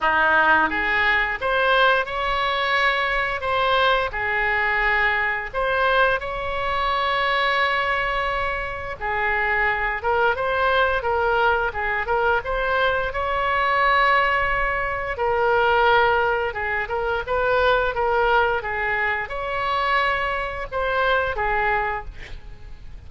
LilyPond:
\new Staff \with { instrumentName = "oboe" } { \time 4/4 \tempo 4 = 87 dis'4 gis'4 c''4 cis''4~ | cis''4 c''4 gis'2 | c''4 cis''2.~ | cis''4 gis'4. ais'8 c''4 |
ais'4 gis'8 ais'8 c''4 cis''4~ | cis''2 ais'2 | gis'8 ais'8 b'4 ais'4 gis'4 | cis''2 c''4 gis'4 | }